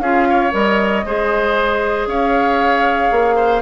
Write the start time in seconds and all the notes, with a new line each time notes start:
0.00 C#4 F4 G#4 F5
0.30 C#5
0.52 G3 A#4 D#5
1.05 G#3 G#4 C5
2.07 C#4 C#5 F5
3.12 A#3
3.36 C5